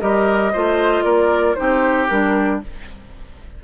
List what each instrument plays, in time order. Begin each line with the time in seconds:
0.00 bassoon G3, clarinet G4, oboe A#4, flute D#5
0.53 bassoon A3, clarinet F4, oboe C5
1.04 bassoon A#3, oboe A#4, flute D5
1.55 bassoon C4, clarinet D#4, oboe G4, flute C5
2.09 bassoon G3, clarinet D4, flute A#4